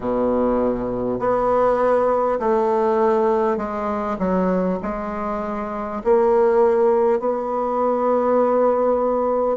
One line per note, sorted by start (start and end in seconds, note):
0.00 1.19 B2
1.19 2.39 B3
2.39 3.57 A3
3.57 4.17 G#3
4.18 4.78 F#3
4.82 6.02 G#3
6.03 7.19 A#3
7.19 9.56 B3